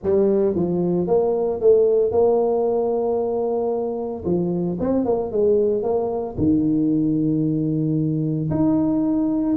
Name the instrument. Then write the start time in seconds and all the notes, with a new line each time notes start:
tuba
0.03 G3
0.55 F3
1.07 A#3
1.60 A3
2.11 A#3
4.25 F3
4.80 C4
5.05 A#3
5.31 G#3
5.82 A#3
6.37 D#3
8.50 D#4